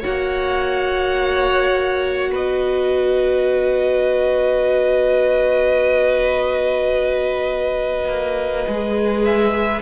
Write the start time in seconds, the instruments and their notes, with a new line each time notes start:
0.00 cello A#3, viola F#4, violin C#5 F#5
2.32 cello B3, violin B4 D#5
8.09 cello A#3
8.67 cello G#3, viola G#4
9.25 violin E5